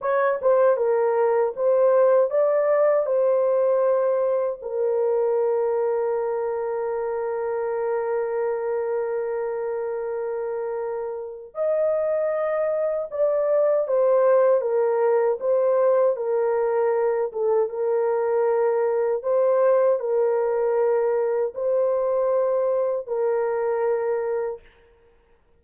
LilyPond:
\new Staff \with { instrumentName = "horn" } { \time 4/4 \tempo 4 = 78 cis''8 c''8 ais'4 c''4 d''4 | c''2 ais'2~ | ais'1~ | ais'2. dis''4~ |
dis''4 d''4 c''4 ais'4 | c''4 ais'4. a'8 ais'4~ | ais'4 c''4 ais'2 | c''2 ais'2 | }